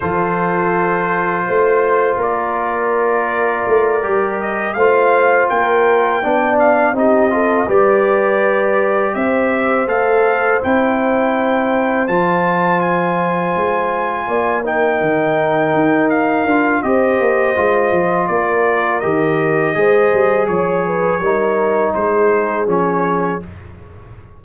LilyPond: <<
  \new Staff \with { instrumentName = "trumpet" } { \time 4/4 \tempo 4 = 82 c''2. d''4~ | d''2 dis''8 f''4 g''8~ | g''4 f''8 dis''4 d''4.~ | d''8 e''4 f''4 g''4.~ |
g''8 a''4 gis''2~ gis''8 | g''2 f''4 dis''4~ | dis''4 d''4 dis''2 | cis''2 c''4 cis''4 | }
  \new Staff \with { instrumentName = "horn" } { \time 4/4 a'2 c''4 ais'4~ | ais'2~ ais'8 c''4 ais'8~ | ais'8 d''4 g'8 a'8 b'4.~ | b'8 c''2.~ c''8~ |
c''2.~ c''8 d''8 | ais'2. c''4~ | c''4 ais'2 c''4 | cis''8 b'8 ais'4 gis'2 | }
  \new Staff \with { instrumentName = "trombone" } { \time 4/4 f'1~ | f'4. g'4 f'4.~ | f'8 d'4 dis'8 f'8 g'4.~ | g'4. a'4 e'4.~ |
e'8 f'2.~ f'8 | dis'2~ dis'8 f'8 g'4 | f'2 g'4 gis'4~ | gis'4 dis'2 cis'4 | }
  \new Staff \with { instrumentName = "tuba" } { \time 4/4 f2 a4 ais4~ | ais4 a8 g4 a4 ais8~ | ais8 b4 c'4 g4.~ | g8 c'4 a4 c'4.~ |
c'8 f2 gis4 ais8~ | ais8 dis4 dis'4 d'8 c'8 ais8 | gis8 f8 ais4 dis4 gis8 g8 | f4 g4 gis4 f4 | }
>>